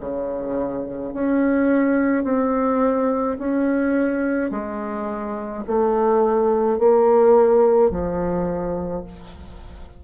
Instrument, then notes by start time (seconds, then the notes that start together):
bassoon
0.00 C#3
1.14 C#4
2.24 C4
3.39 C#4
4.51 G#3
5.67 A3
6.79 A#3
7.91 F3